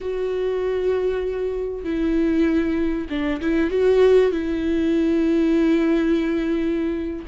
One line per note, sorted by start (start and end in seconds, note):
0.01 1.84 F#4
1.84 3.08 E4
3.09 3.40 D4
3.40 3.70 E4
3.70 4.31 F#4
4.31 7.25 E4